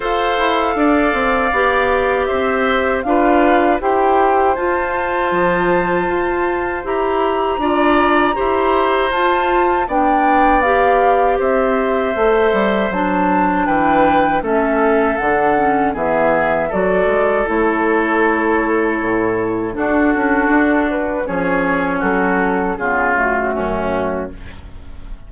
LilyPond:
<<
  \new Staff \with { instrumentName = "flute" } { \time 4/4 \tempo 4 = 79 f''2. e''4 | f''4 g''4 a''2~ | a''4 ais''2. | a''4 g''4 f''4 e''4~ |
e''4 a''4 g''4 e''4 | fis''4 e''4 d''4 cis''4~ | cis''2 a'4. b'8 | cis''4 a'4 gis'8 fis'4. | }
  \new Staff \with { instrumentName = "oboe" } { \time 4/4 c''4 d''2 c''4 | b'4 c''2.~ | c''2 d''4 c''4~ | c''4 d''2 c''4~ |
c''2 b'4 a'4~ | a'4 gis'4 a'2~ | a'2 fis'2 | gis'4 fis'4 f'4 cis'4 | }
  \new Staff \with { instrumentName = "clarinet" } { \time 4/4 a'2 g'2 | f'4 g'4 f'2~ | f'4 g'4 f'4 g'4 | f'4 d'4 g'2 |
a'4 d'2 cis'4 | d'8 cis'8 b4 fis'4 e'4~ | e'2 d'2 | cis'2 b8 a4. | }
  \new Staff \with { instrumentName = "bassoon" } { \time 4/4 f'8 e'8 d'8 c'8 b4 c'4 | d'4 e'4 f'4 f4 | f'4 e'4 d'4 e'4 | f'4 b2 c'4 |
a8 g8 fis4 e4 a4 | d4 e4 fis8 gis8 a4~ | a4 a,4 d'8 cis'8 d'4 | f4 fis4 cis4 fis,4 | }
>>